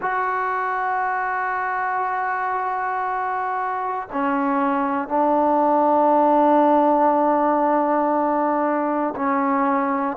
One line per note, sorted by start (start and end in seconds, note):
0.01 4.08 F#4
4.12 5.08 C#4
5.08 9.14 D4
9.15 10.17 C#4